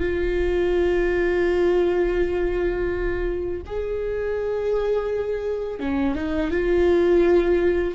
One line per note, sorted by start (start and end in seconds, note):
0.00 3.61 F4
3.66 5.80 G#4
5.80 6.15 C#4
6.15 6.51 D#4
6.51 7.95 F4